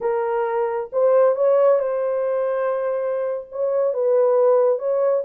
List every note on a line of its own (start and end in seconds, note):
0.00 0.90 A#4
0.92 1.35 C5
1.35 1.79 C#5
1.79 3.47 C5
3.51 3.93 C#5
3.93 4.78 B4
4.78 5.23 C#5